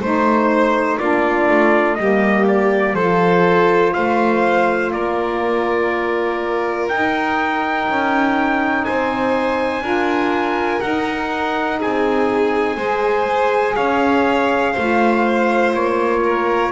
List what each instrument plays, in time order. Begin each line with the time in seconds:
0.00 double bass A3, saxophone D#4, violin C5, trumpet C5
0.99 double bass A#3, saxophone D4, violin F4, trumpet D5
1.48 double bass A3
1.95 double bass G3, saxophone A#3, violin G4, trumpet D#5
2.48 trumpet D5
2.94 double bass F3, saxophone F4, violin A4, trumpet C5
3.94 double bass A3, violin C5, trumpet F5
4.92 double bass A#3, violin A#4, trumpet D5
6.89 double bass D#4, saxophone D#4, trumpet G5
7.89 double bass C#4
8.85 double bass C4, violin C5, trumpet G#5
9.81 double bass D4, saxophone F4, violin A#4
10.81 saxophone D#4, double bass D#4, trumpet F#5
11.79 double bass C4, violin G#4, trumpet G#5
12.77 double bass G#3, saxophone G#4, violin C5
13.76 double bass C#4, violin C#5, trumpet F5
14.73 double bass A3, saxophone F4, violin C5
15.74 double bass A#3, trumpet C#5
16.24 violin A#4